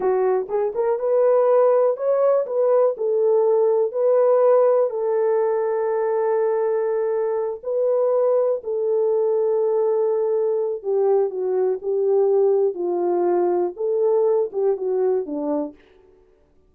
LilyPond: \new Staff \with { instrumentName = "horn" } { \time 4/4 \tempo 4 = 122 fis'4 gis'8 ais'8 b'2 | cis''4 b'4 a'2 | b'2 a'2~ | a'2.~ a'8 b'8~ |
b'4. a'2~ a'8~ | a'2 g'4 fis'4 | g'2 f'2 | a'4. g'8 fis'4 d'4 | }